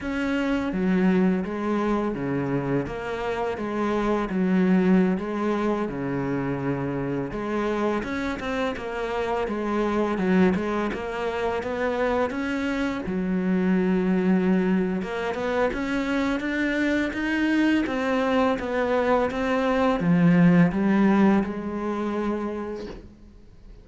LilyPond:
\new Staff \with { instrumentName = "cello" } { \time 4/4 \tempo 4 = 84 cis'4 fis4 gis4 cis4 | ais4 gis4 fis4~ fis16 gis8.~ | gis16 cis2 gis4 cis'8 c'16~ | c'16 ais4 gis4 fis8 gis8 ais8.~ |
ais16 b4 cis'4 fis4.~ fis16~ | fis4 ais8 b8 cis'4 d'4 | dis'4 c'4 b4 c'4 | f4 g4 gis2 | }